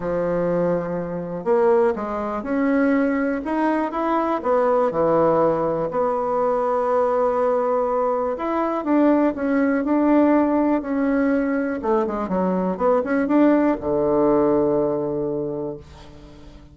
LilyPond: \new Staff \with { instrumentName = "bassoon" } { \time 4/4 \tempo 4 = 122 f2. ais4 | gis4 cis'2 dis'4 | e'4 b4 e2 | b1~ |
b4 e'4 d'4 cis'4 | d'2 cis'2 | a8 gis8 fis4 b8 cis'8 d'4 | d1 | }